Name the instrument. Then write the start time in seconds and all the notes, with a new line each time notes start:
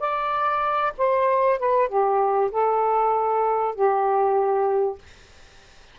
saxophone
0.00 D5
0.98 C5
1.59 B4
1.89 G4
2.52 A4
3.75 G4